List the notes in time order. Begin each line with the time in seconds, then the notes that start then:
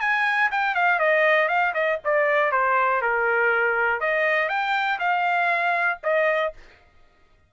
0.00 G#5
0.51 G5
0.74 F5
0.99 D#5
1.48 F5
1.74 D#5
2.04 D5
2.51 C5
3.01 A#4
4.00 D#5
4.48 G5
4.99 F5
6.03 D#5